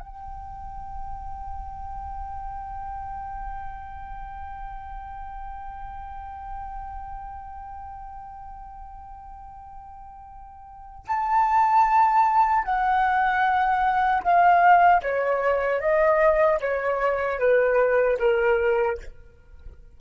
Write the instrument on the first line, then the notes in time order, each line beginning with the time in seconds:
flute
0.00 G5
11.08 A5
12.64 F#5
14.23 F5
15.03 C#5
15.81 D#5
16.61 C#5
17.39 B4
18.19 A#4